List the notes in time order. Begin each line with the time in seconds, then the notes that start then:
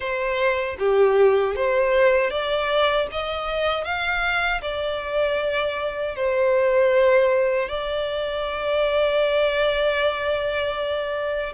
0.00 C5
0.78 G4
1.55 C5
2.30 D5
3.11 D#5
3.84 F5
4.61 D5
6.15 C5
7.68 D5